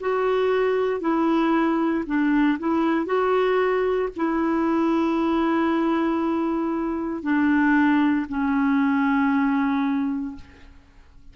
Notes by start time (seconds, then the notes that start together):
0.00 F#4
1.00 E4
2.06 D4
2.59 E4
3.06 F#4
4.16 E4
7.23 D4
8.29 C#4